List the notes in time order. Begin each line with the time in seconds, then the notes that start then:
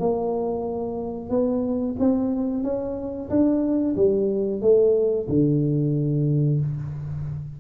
0.00 A#3
1.30 B3
1.99 C4
2.63 C#4
3.30 D4
3.96 G3
4.62 A3
5.29 D3